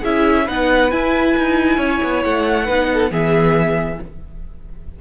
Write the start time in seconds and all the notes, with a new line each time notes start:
0.00 C#4 E4 G#4 E5
0.46 B3 D#4 B4 F#5
0.91 E4 G#5
1.38 D#4
1.77 C#4 C#5
2.04 B3
2.24 A3 F#5
2.65 B3 D#4 B4
2.94 A4
3.11 E3 B3 G#4 E5